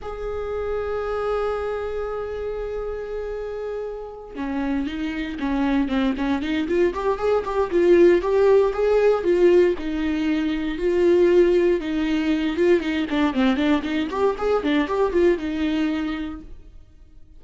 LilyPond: \new Staff \with { instrumentName = "viola" } { \time 4/4 \tempo 4 = 117 gis'1~ | gis'1~ | gis'8 cis'4 dis'4 cis'4 c'8 | cis'8 dis'8 f'8 g'8 gis'8 g'8 f'4 |
g'4 gis'4 f'4 dis'4~ | dis'4 f'2 dis'4~ | dis'8 f'8 dis'8 d'8 c'8 d'8 dis'8 g'8 | gis'8 d'8 g'8 f'8 dis'2 | }